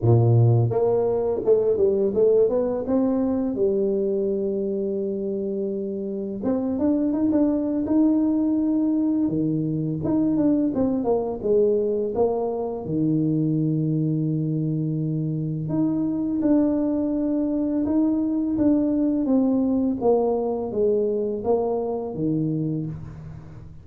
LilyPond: \new Staff \with { instrumentName = "tuba" } { \time 4/4 \tempo 4 = 84 ais,4 ais4 a8 g8 a8 b8 | c'4 g2.~ | g4 c'8 d'8 dis'16 d'8. dis'4~ | dis'4 dis4 dis'8 d'8 c'8 ais8 |
gis4 ais4 dis2~ | dis2 dis'4 d'4~ | d'4 dis'4 d'4 c'4 | ais4 gis4 ais4 dis4 | }